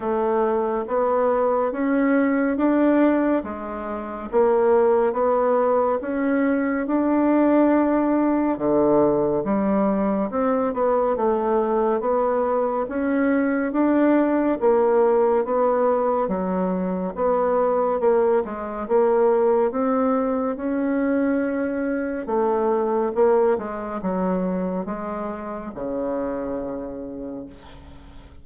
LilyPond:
\new Staff \with { instrumentName = "bassoon" } { \time 4/4 \tempo 4 = 70 a4 b4 cis'4 d'4 | gis4 ais4 b4 cis'4 | d'2 d4 g4 | c'8 b8 a4 b4 cis'4 |
d'4 ais4 b4 fis4 | b4 ais8 gis8 ais4 c'4 | cis'2 a4 ais8 gis8 | fis4 gis4 cis2 | }